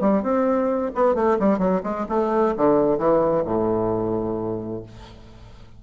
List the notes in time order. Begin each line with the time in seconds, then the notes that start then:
0.00 G3
0.22 C4
0.95 B3
1.15 A3
1.39 G3
1.58 F#3
1.83 G#3
2.09 A3
2.57 D3
2.98 E3
3.45 A2